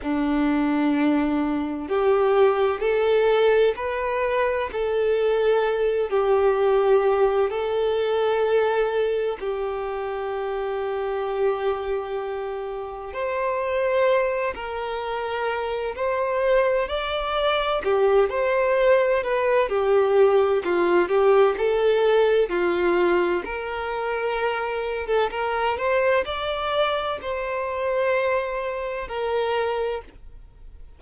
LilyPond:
\new Staff \with { instrumentName = "violin" } { \time 4/4 \tempo 4 = 64 d'2 g'4 a'4 | b'4 a'4. g'4. | a'2 g'2~ | g'2 c''4. ais'8~ |
ais'4 c''4 d''4 g'8 c''8~ | c''8 b'8 g'4 f'8 g'8 a'4 | f'4 ais'4.~ ais'16 a'16 ais'8 c''8 | d''4 c''2 ais'4 | }